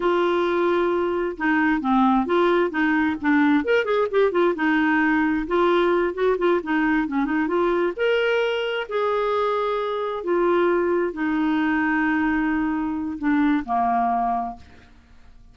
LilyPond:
\new Staff \with { instrumentName = "clarinet" } { \time 4/4 \tempo 4 = 132 f'2. dis'4 | c'4 f'4 dis'4 d'4 | ais'8 gis'8 g'8 f'8 dis'2 | f'4. fis'8 f'8 dis'4 cis'8 |
dis'8 f'4 ais'2 gis'8~ | gis'2~ gis'8 f'4.~ | f'8 dis'2.~ dis'8~ | dis'4 d'4 ais2 | }